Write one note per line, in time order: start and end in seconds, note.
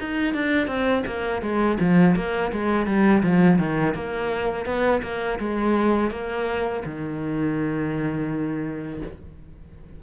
0.00 0.34 D#4
0.34 0.67 D4
0.67 1.03 C4
1.06 1.42 A#3
1.42 1.78 G#3
1.80 2.16 F3
2.16 2.52 A#3
2.52 2.87 G#3
2.87 3.23 G3
3.23 3.58 F3
3.58 3.94 D#3
3.94 4.66 A#3
4.66 5.02 B3
5.02 5.39 A#3
5.39 6.11 G#3
6.11 6.83 A#3
6.85 9.02 D#3